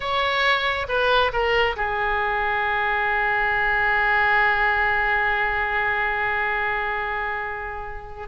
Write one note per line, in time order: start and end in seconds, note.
0.00 0.87 C#5
0.88 1.31 B4
1.32 1.76 A#4
1.76 8.28 G#4